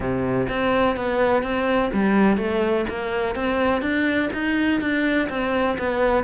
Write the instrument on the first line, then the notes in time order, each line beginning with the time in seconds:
cello
0.00 C3
0.48 C4
0.96 B3
1.42 C4
1.93 G3
2.37 A3
2.89 A#3
3.35 C4
3.81 D4
4.33 D#4
4.80 D4
5.29 C4
5.78 B3